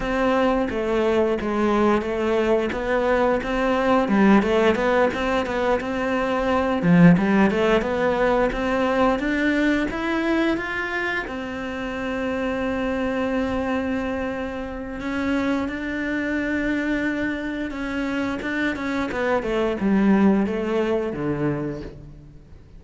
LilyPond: \new Staff \with { instrumentName = "cello" } { \time 4/4 \tempo 4 = 88 c'4 a4 gis4 a4 | b4 c'4 g8 a8 b8 c'8 | b8 c'4. f8 g8 a8 b8~ | b8 c'4 d'4 e'4 f'8~ |
f'8 c'2.~ c'8~ | c'2 cis'4 d'4~ | d'2 cis'4 d'8 cis'8 | b8 a8 g4 a4 d4 | }